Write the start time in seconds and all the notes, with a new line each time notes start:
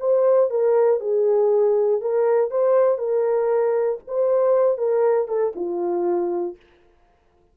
0.00 C5
0.50 A#4
1.00 G#4
2.01 A#4
2.51 C5
2.99 A#4
4.08 C5
4.78 A#4
5.28 A4
5.56 F4